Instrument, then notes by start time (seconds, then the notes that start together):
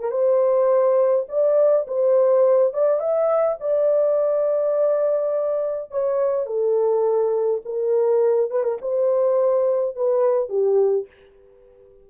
horn
0.00 A#4
0.11 C5
1.29 D5
1.87 C5
2.74 D5
3.00 E5
3.60 D5
5.91 C#5
6.46 A4
7.65 A#4
8.51 B4
8.64 A#4
8.82 C5
9.96 B4
10.49 G4